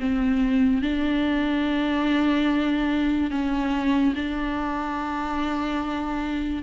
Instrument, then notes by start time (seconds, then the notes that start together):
viola
0.00 C4
0.83 D4
3.31 C#4
4.16 D4